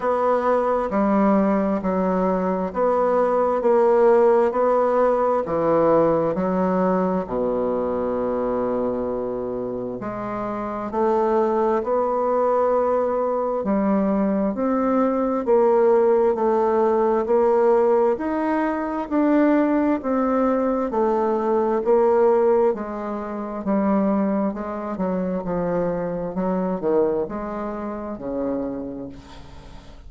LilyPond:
\new Staff \with { instrumentName = "bassoon" } { \time 4/4 \tempo 4 = 66 b4 g4 fis4 b4 | ais4 b4 e4 fis4 | b,2. gis4 | a4 b2 g4 |
c'4 ais4 a4 ais4 | dis'4 d'4 c'4 a4 | ais4 gis4 g4 gis8 fis8 | f4 fis8 dis8 gis4 cis4 | }